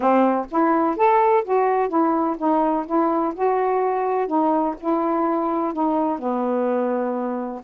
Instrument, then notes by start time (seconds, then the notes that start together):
saxophone
0.00 C4
0.51 E4
0.96 A4
1.44 F#4
1.88 E4
2.38 D#4
2.86 E4
3.35 F#4
4.27 D#4
4.79 E4
5.73 D#4
6.18 B3